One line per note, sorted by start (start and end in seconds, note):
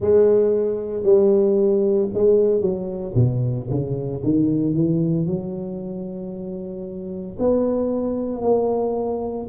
0.00 1.03 G#3
1.03 2.08 G3
2.13 2.60 G#3
2.60 3.13 F#3
3.14 3.67 B2
3.69 4.22 C#3
4.23 4.73 D#3
4.73 5.26 E3
5.26 7.36 F#3
7.38 8.42 B3
8.42 9.47 A#3